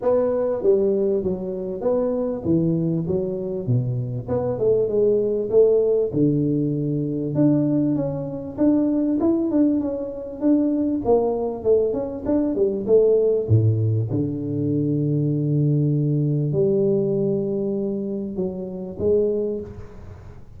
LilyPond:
\new Staff \with { instrumentName = "tuba" } { \time 4/4 \tempo 4 = 98 b4 g4 fis4 b4 | e4 fis4 b,4 b8 a8 | gis4 a4 d2 | d'4 cis'4 d'4 e'8 d'8 |
cis'4 d'4 ais4 a8 cis'8 | d'8 g8 a4 a,4 d4~ | d2. g4~ | g2 fis4 gis4 | }